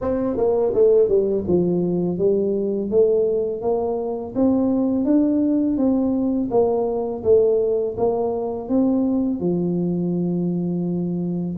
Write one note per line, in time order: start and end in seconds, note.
0.01 0.36 C4
0.36 0.72 A#3
0.74 1.08 A3
1.08 1.44 G3
1.47 2.18 F3
2.18 2.90 G3
2.90 3.61 A3
3.61 4.34 A#3
4.35 5.04 C4
5.04 5.77 D4
5.77 6.49 C4
6.51 7.23 A#3
7.23 7.96 A3
7.97 8.68 A#3
8.68 9.40 C4
9.40 11.57 F3